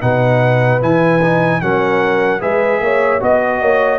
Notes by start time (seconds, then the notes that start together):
0.00 B2 D#4 B4 F#5
0.80 E3 E4 G#5
1.22 D#4
1.61 F#3 C#4 A#4 F#5
2.40 G#3 G#4 B4 E5
2.81 A#3 C#5
3.20 B3 F#4 D#5
3.62 A#3 C#5